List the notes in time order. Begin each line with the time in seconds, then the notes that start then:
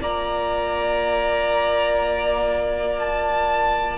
0.00 A#3 F4 D5 A#5
2.99 A5